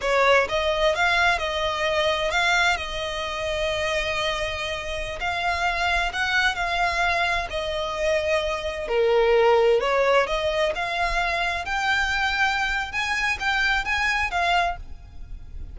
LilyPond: \new Staff \with { instrumentName = "violin" } { \time 4/4 \tempo 4 = 130 cis''4 dis''4 f''4 dis''4~ | dis''4 f''4 dis''2~ | dis''2.~ dis''16 f''8.~ | f''4~ f''16 fis''4 f''4.~ f''16~ |
f''16 dis''2. ais'8.~ | ais'4~ ais'16 cis''4 dis''4 f''8.~ | f''4~ f''16 g''2~ g''8. | gis''4 g''4 gis''4 f''4 | }